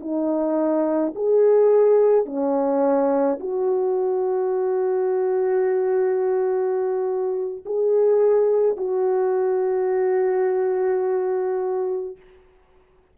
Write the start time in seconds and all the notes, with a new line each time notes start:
0.00 D#4
1.15 G#4
2.25 C#4
3.40 F#4
7.66 G#4
8.77 F#4